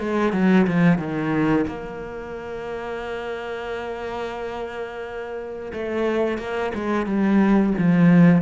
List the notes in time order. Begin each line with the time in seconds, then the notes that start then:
0.00 G#3
0.33 F#3
0.67 F3
0.99 D#3
1.68 A#3
5.73 A3
6.39 A#3
6.75 G#3
7.06 G3
7.78 F3